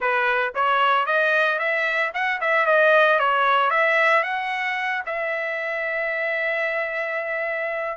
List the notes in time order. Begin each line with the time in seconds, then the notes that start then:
0.00 B4
0.54 C#5
1.06 D#5
1.58 E5
2.14 F#5
2.41 E5
2.65 D#5
3.19 C#5
3.70 E5
4.23 F#5
5.06 E5